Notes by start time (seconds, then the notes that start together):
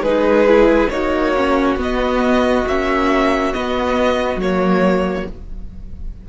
0.00 G#3 D#4 G#4 B4
0.47 E4
0.89 A#3 D#4 F#4 C#5
1.36 C#4
1.76 B3 D#5
2.66 A#3 C#4 E5
3.52 B3 D#5
4.35 F#3 C#5
4.41 A#3